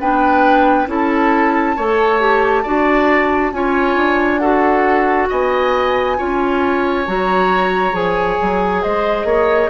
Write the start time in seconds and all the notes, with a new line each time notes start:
0.00 B3 D4 B4 G5
0.87 C#4 E4 A4 A5
1.77 A3 A4 C#5
2.20 G4
2.63 D4 F#4 D5
3.53 C#4 F4 C#5 G#5
3.96 D4
4.39 F#4 A4 F#5
5.29 B3 D#5 G#5
6.18 C#4 F4 C#5
7.06 F#3 F#4 A#5
7.93 F3 G#4 G#5
8.42 F#3
8.83 G#3 C5 D#5
9.24 A#3 C#5